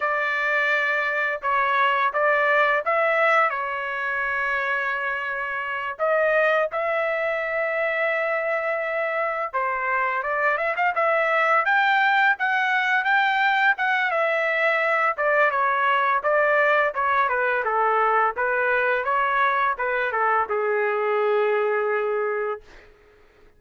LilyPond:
\new Staff \with { instrumentName = "trumpet" } { \time 4/4 \tempo 4 = 85 d''2 cis''4 d''4 | e''4 cis''2.~ | cis''8 dis''4 e''2~ e''8~ | e''4. c''4 d''8 e''16 f''16 e''8~ |
e''8 g''4 fis''4 g''4 fis''8 | e''4. d''8 cis''4 d''4 | cis''8 b'8 a'4 b'4 cis''4 | b'8 a'8 gis'2. | }